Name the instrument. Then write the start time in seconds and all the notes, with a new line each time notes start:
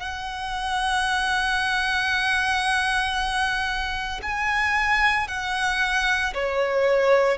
violin
0.00 F#5
4.23 G#5
5.28 F#5
6.34 C#5